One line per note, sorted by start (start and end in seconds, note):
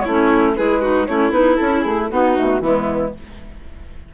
0.00 0.57 A3
0.00 0.55 E4
0.00 0.51 C#5
0.09 0.56 C#4
0.55 1.08 G#3
0.55 0.81 E4
0.55 0.81 G#4
0.55 1.06 B4
0.81 1.07 D#4
0.81 1.07 F#4
1.06 1.30 A3
1.06 1.30 C#4
1.06 2.12 E4
1.06 1.31 C#5
1.30 1.56 B3
1.30 1.56 D#4
1.30 1.56 B4
1.56 1.85 C#4
1.56 2.10 E4
1.56 1.80 A4
1.80 2.10 A3
1.80 2.05 G#4
2.10 2.36 B3
2.10 2.62 D#4
2.10 2.61 F#4
2.36 2.60 B2
2.36 2.62 A3
2.60 3.11 E3
2.60 3.14 G#3
2.60 3.13 B3
2.60 3.13 E4